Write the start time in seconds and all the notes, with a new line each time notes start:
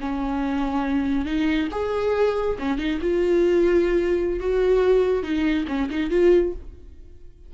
0.00 C#4
1.25 D#4
1.71 G#4
2.59 C#4
2.78 D#4
3.01 F4
4.39 F#4
5.23 D#4
5.68 C#4
5.90 D#4
6.10 F4